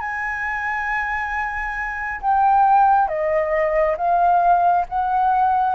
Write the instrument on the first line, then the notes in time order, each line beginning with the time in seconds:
flute
0.00 G#5
2.21 G5
3.08 D#5
3.97 F5
4.88 F#5